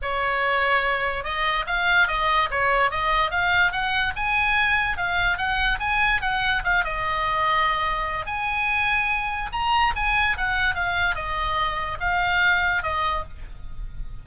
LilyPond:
\new Staff \with { instrumentName = "oboe" } { \time 4/4 \tempo 4 = 145 cis''2. dis''4 | f''4 dis''4 cis''4 dis''4 | f''4 fis''4 gis''2 | f''4 fis''4 gis''4 fis''4 |
f''8 dis''2.~ dis''8 | gis''2. ais''4 | gis''4 fis''4 f''4 dis''4~ | dis''4 f''2 dis''4 | }